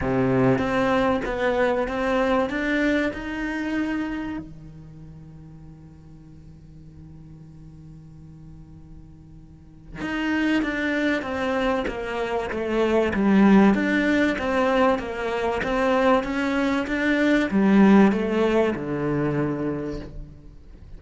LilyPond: \new Staff \with { instrumentName = "cello" } { \time 4/4 \tempo 4 = 96 c4 c'4 b4 c'4 | d'4 dis'2 dis4~ | dis1~ | dis1 |
dis'4 d'4 c'4 ais4 | a4 g4 d'4 c'4 | ais4 c'4 cis'4 d'4 | g4 a4 d2 | }